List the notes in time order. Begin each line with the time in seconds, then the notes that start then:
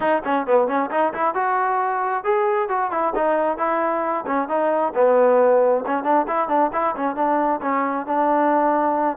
0.00 D#4
0.24 C#4
0.46 B3
0.67 C#4
0.91 D#4
1.13 E4
1.34 F#4
2.24 G#4
2.68 F#4
2.91 E4
3.15 D#4
3.57 E4
4.26 C#4
4.48 D#4
4.95 B3
5.86 C#4
6.03 D4
6.27 E4
6.48 D4
6.72 E4
6.95 C#4
7.15 D4
7.61 C#4
8.06 D4